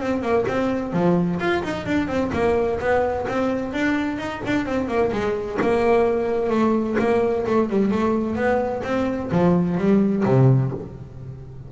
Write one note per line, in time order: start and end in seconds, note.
0.00 0.22 C4
0.22 0.45 A#3
0.48 0.93 C4
0.93 1.39 F3
1.40 1.63 F4
1.63 1.86 D#4
1.86 2.08 D4
2.08 2.31 C4
2.33 2.79 A#3
2.79 3.26 B3
3.28 3.73 C4
3.73 4.18 D4
4.18 4.42 D#4
4.46 4.66 D4
4.66 4.88 C4
4.88 5.11 A#3
5.12 5.59 G#3
5.62 6.50 A#3
6.50 6.96 A3
6.99 7.45 A#3
7.46 7.70 A3
7.70 7.91 G3
7.91 8.36 A3
8.36 8.82 B3
8.84 9.30 C4
9.32 9.78 F3
9.78 10.24 G3
10.25 10.72 C3